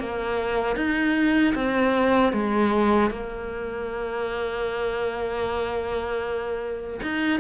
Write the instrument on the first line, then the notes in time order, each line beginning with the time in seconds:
cello
0.00 A#3
0.77 D#4
1.55 C4
2.33 G#3
3.11 A#3
7.03 D#4